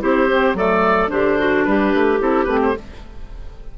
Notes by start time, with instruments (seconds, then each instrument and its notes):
0.00 bassoon C4, clarinet E4 G4, oboe C5
0.29 clarinet C4
0.54 bassoon F#3, clarinet A3 A4, oboe D5
1.08 bassoon D3, clarinet D4 G4, oboe C5
1.39 clarinet F#4
1.65 bassoon G3, clarinet G4, oboe B4
1.94 bassoon A3
2.19 bassoon C4, clarinet E4, oboe A4
2.45 bassoon A3, clarinet C4, oboe B4
2.63 oboe C5